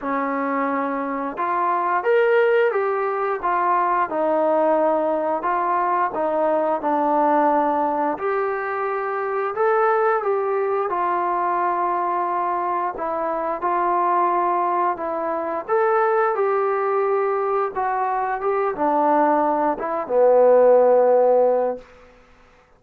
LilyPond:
\new Staff \with { instrumentName = "trombone" } { \time 4/4 \tempo 4 = 88 cis'2 f'4 ais'4 | g'4 f'4 dis'2 | f'4 dis'4 d'2 | g'2 a'4 g'4 |
f'2. e'4 | f'2 e'4 a'4 | g'2 fis'4 g'8 d'8~ | d'4 e'8 b2~ b8 | }